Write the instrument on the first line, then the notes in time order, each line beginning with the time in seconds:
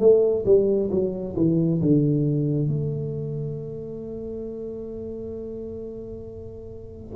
tuba
0.00 A3
0.46 G3
0.91 F#3
1.37 E3
1.82 D3
2.68 A3